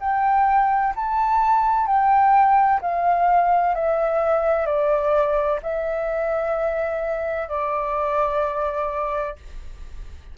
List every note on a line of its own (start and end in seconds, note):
0.00 0.94 G5
0.95 1.87 A5
1.87 2.80 G5
2.81 3.75 F5
3.75 4.66 E5
4.66 5.60 D5
5.62 7.48 E5
7.48 9.36 D5